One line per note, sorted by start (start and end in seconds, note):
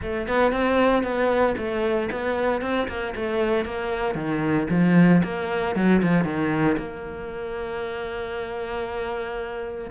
0.02 0.27 A3
0.27 0.52 B3
0.52 1.03 C4
1.03 1.55 B3
1.57 2.09 A3
2.11 2.61 B3
2.61 2.87 C4
2.87 3.14 A#3
3.15 3.65 A3
3.65 4.15 A#3
4.15 4.67 D#3
4.70 5.22 F3
5.23 5.75 A#3
5.75 6.01 F#3
6.02 6.24 F3
6.24 6.76 D#3
6.77 9.90 A#3